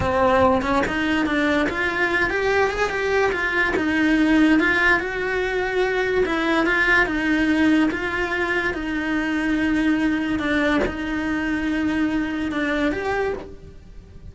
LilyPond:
\new Staff \with { instrumentName = "cello" } { \time 4/4 \tempo 4 = 144 c'4. cis'8 dis'4 d'4 | f'4. g'4 gis'8 g'4 | f'4 dis'2 f'4 | fis'2. e'4 |
f'4 dis'2 f'4~ | f'4 dis'2.~ | dis'4 d'4 dis'2~ | dis'2 d'4 g'4 | }